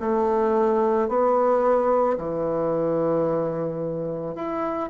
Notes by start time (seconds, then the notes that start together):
0.00 A3
1.08 B3
2.18 E3
4.35 E4